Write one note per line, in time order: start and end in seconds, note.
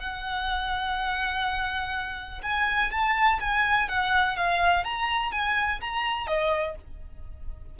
0.00 2.42 F#5
2.43 2.92 G#5
2.92 3.40 A5
3.41 3.89 G#5
3.89 4.37 F#5
4.37 4.85 F5
4.85 5.32 A#5
5.32 5.81 G#5
5.81 6.27 A#5
6.27 6.76 D#5